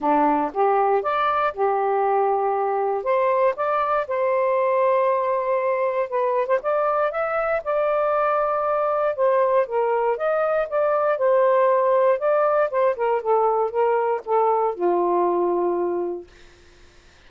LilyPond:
\new Staff \with { instrumentName = "saxophone" } { \time 4/4 \tempo 4 = 118 d'4 g'4 d''4 g'4~ | g'2 c''4 d''4 | c''1 | b'8. c''16 d''4 e''4 d''4~ |
d''2 c''4 ais'4 | dis''4 d''4 c''2 | d''4 c''8 ais'8 a'4 ais'4 | a'4 f'2. | }